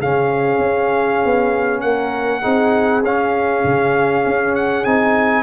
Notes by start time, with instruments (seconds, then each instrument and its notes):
0.00 tuba C#3, trombone C#4, horn G#4, trumpet F5
0.58 tuba C#4
1.24 tuba B3
1.81 tuba A#3, horn A#4, trumpet F#5
2.42 tuba C4, trombone D#4, horn G#4
3.03 tuba C#4, trombone C#4, trumpet F5
3.64 tuba C#3
4.25 tuba C#4
4.55 trumpet F#5
4.84 tuba C4, trombone D#4, trumpet G#5